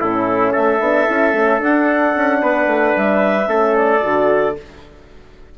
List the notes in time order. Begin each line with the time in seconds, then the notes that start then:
0.00 A2 C#4 E4 A4
0.52 A3 A4 E5
0.80 B3 D4
1.07 C#4 E4
1.33 A3 C#4
1.59 D4 F#5
2.16 C#4
2.42 B3 B4
2.67 A3
2.96 G3 E5
3.47 A3 C#4 A4
3.76 D5
4.01 D3 F#4